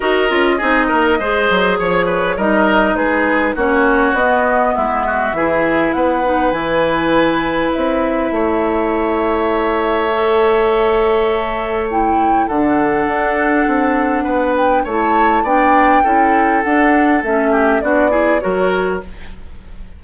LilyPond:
<<
  \new Staff \with { instrumentName = "flute" } { \time 4/4 \tempo 4 = 101 dis''2. cis''4 | dis''4 b'4 cis''4 dis''4 | e''2 fis''4 gis''4~ | gis''4 e''2.~ |
e''1 | g''4 fis''2.~ | fis''8 g''8 a''4 g''2 | fis''4 e''4 d''4 cis''4 | }
  \new Staff \with { instrumentName = "oboe" } { \time 4/4 ais'4 gis'8 ais'8 c''4 cis''8 b'8 | ais'4 gis'4 fis'2 | e'8 fis'8 gis'4 b'2~ | b'2 cis''2~ |
cis''1~ | cis''4 a'2. | b'4 cis''4 d''4 a'4~ | a'4. g'8 fis'8 gis'8 ais'4 | }
  \new Staff \with { instrumentName = "clarinet" } { \time 4/4 fis'8 f'8 dis'4 gis'2 | dis'2 cis'4 b4~ | b4 e'4. dis'8 e'4~ | e'1~ |
e'4 a'2. | e'4 d'2.~ | d'4 e'4 d'4 e'4 | d'4 cis'4 d'8 e'8 fis'4 | }
  \new Staff \with { instrumentName = "bassoon" } { \time 4/4 dis'8 cis'8 c'8 ais8 gis8 fis8 f4 | g4 gis4 ais4 b4 | gis4 e4 b4 e4~ | e4 c'4 a2~ |
a1~ | a4 d4 d'4 c'4 | b4 a4 b4 cis'4 | d'4 a4 b4 fis4 | }
>>